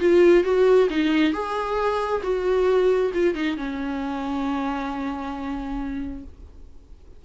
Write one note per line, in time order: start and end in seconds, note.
0.00 0.44 F4
0.44 0.89 F#4
0.90 1.34 D#4
1.34 2.22 G#4
2.23 3.12 F#4
3.14 3.35 F4
3.35 3.57 D#4
3.57 6.24 C#4